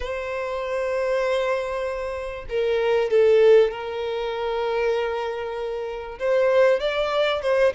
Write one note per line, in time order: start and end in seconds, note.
0.00 2.45 C5
2.49 3.10 A#4
3.10 3.71 A4
3.71 6.18 A#4
6.19 6.80 C5
6.80 7.42 D5
7.42 7.73 C5